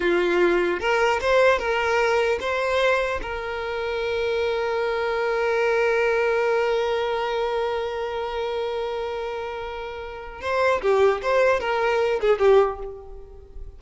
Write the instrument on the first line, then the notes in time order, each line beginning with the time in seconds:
violin
0.00 F4
0.79 A#4
1.20 C5
1.59 A#4
2.40 C5
3.22 A#4
10.41 C5
10.81 G4
11.22 C5
11.60 A#4
12.20 G#4
12.38 G4